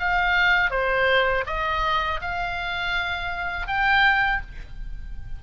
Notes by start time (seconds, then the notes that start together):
0.00 F5
0.71 C5
1.47 D#5
2.21 F5
3.68 G5